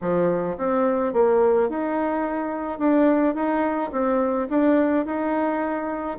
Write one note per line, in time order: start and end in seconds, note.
0.01 0.57 F3
0.57 1.13 C4
1.13 1.69 A#3
1.69 2.78 D#4
2.78 3.34 D4
3.34 3.90 D#4
3.92 4.48 C4
4.49 5.05 D4
5.05 6.17 D#4